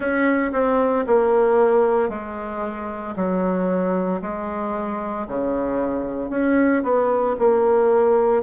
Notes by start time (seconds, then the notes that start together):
0.00 C#4
0.52 C4
1.07 A#3
2.09 G#3
3.16 F#3
4.21 G#3
5.27 C#3
6.30 C#4
6.83 B3
7.39 A#3